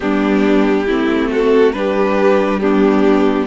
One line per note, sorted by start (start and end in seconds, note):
0.00 0.89 G3
0.00 0.87 B3
0.00 0.86 D4
0.00 1.30 G4
0.86 1.73 A3
0.86 1.74 C4
0.86 1.29 E4
1.30 1.74 F#4
1.30 1.72 A4
1.72 3.46 G3
1.72 2.61 D4
1.72 2.60 G4
1.72 2.59 B4
2.59 3.46 B3
2.59 3.46 D4
2.59 3.46 G4